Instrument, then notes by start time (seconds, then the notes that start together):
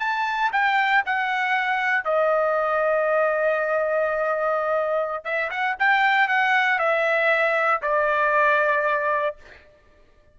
trumpet
0.00 A5
0.53 G5
1.06 F#5
2.05 D#5
5.25 E5
5.51 F#5
5.79 G5
6.28 F#5
6.79 E5
7.83 D5